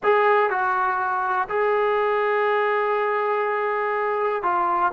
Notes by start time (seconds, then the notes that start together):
0.03 G#4
0.49 F#4
1.49 G#4
4.42 F4